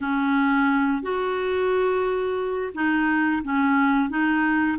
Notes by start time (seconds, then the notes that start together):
0.00 C#4
1.02 F#4
2.74 D#4
3.43 C#4
4.09 D#4